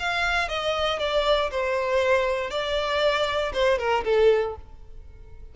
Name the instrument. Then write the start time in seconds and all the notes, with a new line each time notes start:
violin
0.00 F5
0.49 D#5
1.00 D5
1.51 C5
2.51 D5
3.54 C5
3.79 A#4
4.05 A4